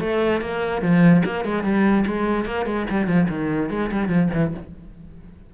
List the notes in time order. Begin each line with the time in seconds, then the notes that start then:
0.00 A3
0.41 A#3
0.82 F3
1.25 A#3
1.44 G#3
1.63 G3
2.06 G#3
2.45 A#3
2.66 G#3
2.90 G3
3.07 F3
3.29 D#3
3.70 G#3
3.91 G3
4.09 F3
4.33 E3